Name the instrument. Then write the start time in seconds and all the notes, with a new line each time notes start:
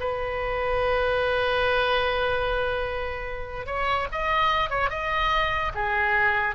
oboe
0.00 B4
3.67 C#5
4.12 D#5
4.70 C#5
4.90 D#5
5.75 G#4